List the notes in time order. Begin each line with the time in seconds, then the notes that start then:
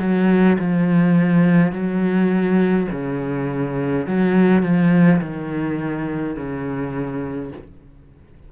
0.00 F#3
0.59 F3
1.73 F#3
2.92 C#3
4.08 F#3
4.63 F3
5.21 D#3
6.37 C#3